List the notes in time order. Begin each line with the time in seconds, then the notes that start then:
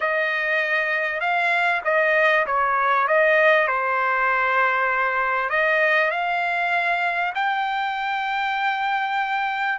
0.00 D#5
1.20 F5
1.84 D#5
2.46 C#5
3.07 D#5
3.67 C5
5.49 D#5
6.10 F5
7.34 G5